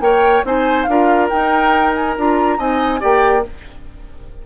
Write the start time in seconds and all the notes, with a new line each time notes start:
0.00 A#3 A#4 C#5 G5
0.44 C4 D#4 C5 G#5
0.83 D4 F4 F5
0.90 A#4
1.29 D#4 G5
1.94 G#5
2.17 D4 F4 A#5
2.57 C4 D#4 D#5 G#5
2.99 A#3 G4 D5 G5